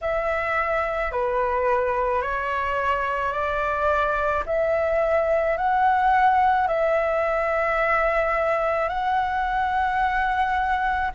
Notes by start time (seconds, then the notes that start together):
0.01 E5
1.11 B4
2.22 C#5
3.32 D5
4.45 E5
5.57 F#5
6.67 E5
8.88 F#5